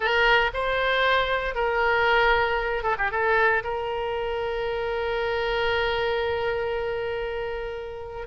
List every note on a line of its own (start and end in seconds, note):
0.00 0.51 A#4
0.53 1.54 C5
1.54 2.83 A#4
2.83 2.96 A4
2.98 3.11 G4
3.11 3.63 A4
3.63 8.27 A#4